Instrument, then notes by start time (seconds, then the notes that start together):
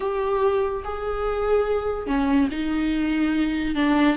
viola
0.00 G4
0.84 G#4
2.06 C#4
2.51 D#4
3.75 D4